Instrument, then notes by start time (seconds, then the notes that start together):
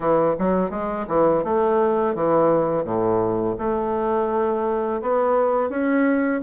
bassoon
0.00 E3
0.38 F#3
0.70 G#3
1.08 E3
1.44 A3
2.15 E3
2.84 A2
3.58 A3
5.01 B3
5.69 C#4